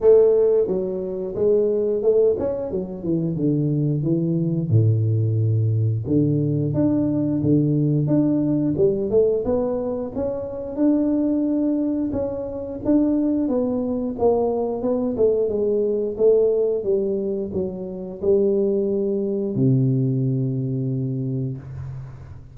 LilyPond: \new Staff \with { instrumentName = "tuba" } { \time 4/4 \tempo 4 = 89 a4 fis4 gis4 a8 cis'8 | fis8 e8 d4 e4 a,4~ | a,4 d4 d'4 d4 | d'4 g8 a8 b4 cis'4 |
d'2 cis'4 d'4 | b4 ais4 b8 a8 gis4 | a4 g4 fis4 g4~ | g4 c2. | }